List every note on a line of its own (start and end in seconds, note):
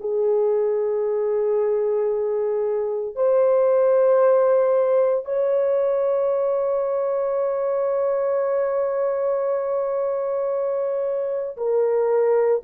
0.00 3.15 G#4
3.15 5.25 C5
5.25 11.56 C#5
11.56 12.62 A#4